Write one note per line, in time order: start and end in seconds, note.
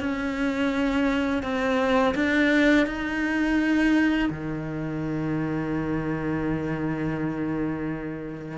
0.00 1.43 C#4
1.43 2.14 C4
2.15 2.86 D4
2.86 4.29 D#4
4.30 8.58 D#3